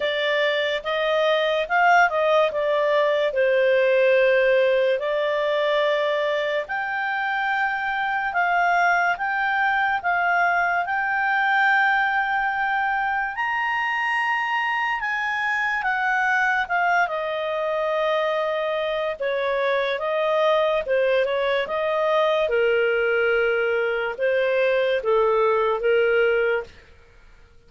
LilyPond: \new Staff \with { instrumentName = "clarinet" } { \time 4/4 \tempo 4 = 72 d''4 dis''4 f''8 dis''8 d''4 | c''2 d''2 | g''2 f''4 g''4 | f''4 g''2. |
ais''2 gis''4 fis''4 | f''8 dis''2~ dis''8 cis''4 | dis''4 c''8 cis''8 dis''4 ais'4~ | ais'4 c''4 a'4 ais'4 | }